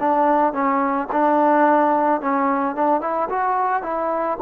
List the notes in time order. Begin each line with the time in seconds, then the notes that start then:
0.00 D4
0.53 C#4
1.12 D4
2.21 C#4
2.75 D4
3.01 E4
3.30 F#4
3.83 E4